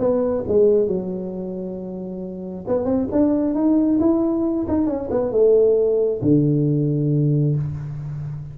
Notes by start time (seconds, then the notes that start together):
0.00 B3
0.48 G#3
0.88 F#3
2.68 B3
2.86 C4
3.12 D4
3.55 D#4
4.00 E4
4.69 D#4
4.87 C#4
5.11 B3
5.32 A3
6.22 D3